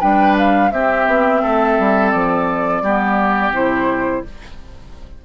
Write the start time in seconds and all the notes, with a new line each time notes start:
0.00 G3 D4 B4 G5
0.38 F5
0.72 C4 G4 E5
1.07 B3
1.42 A3 A4
1.79 G3
2.10 F3 D5
2.82 G3 B3 G4
3.51 C3 E4 C5